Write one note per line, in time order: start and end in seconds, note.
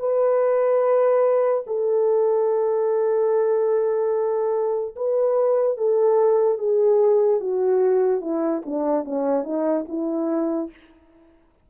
0.00 1.64 B4
1.67 4.96 A4
4.97 5.78 B4
5.78 6.59 A4
6.59 7.41 G#4
7.41 8.22 F#4
8.22 8.63 E4
8.66 9.05 D4
9.05 9.44 C#4
9.44 9.86 D#4
9.89 10.71 E4